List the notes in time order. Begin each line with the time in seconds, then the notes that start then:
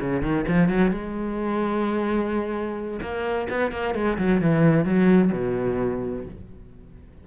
0.00 C#3
0.22 D#3
0.48 F3
0.68 F#3
0.91 G#3
3.02 A#3
3.50 B3
3.72 A#3
3.95 G#3
4.18 F#3
4.41 E3
4.85 F#3
5.32 B2